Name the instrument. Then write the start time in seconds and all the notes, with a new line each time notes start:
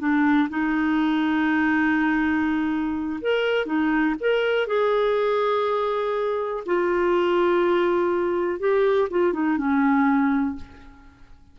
clarinet
0.00 D4
0.50 D#4
3.21 A#4
3.66 D#4
4.21 A#4
4.67 G#4
6.66 F4
8.60 G4
9.11 F4
9.34 D#4
9.58 C#4